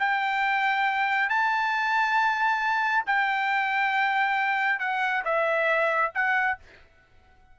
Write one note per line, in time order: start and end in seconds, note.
0.00 1.30 G5
1.30 3.05 A5
3.07 4.80 G5
4.80 5.24 F#5
5.25 6.13 E5
6.15 6.59 F#5